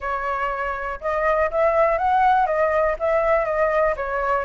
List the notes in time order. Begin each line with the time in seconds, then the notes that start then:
0.00 C#5
1.01 D#5
1.51 E5
1.98 F#5
2.46 D#5
2.99 E5
3.45 D#5
3.96 C#5